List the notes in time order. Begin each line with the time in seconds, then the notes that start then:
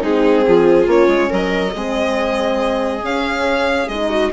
0.00 G#3 C4 D#4 G#4
0.47 F3 F4
0.85 A#3 C#4 C#5
1.07 G#3
1.29 F#3 A#4 D#5
1.74 G#3 C4 G#4
3.02 C#4 F5
3.88 G#3 D#4 D#5
4.10 F#4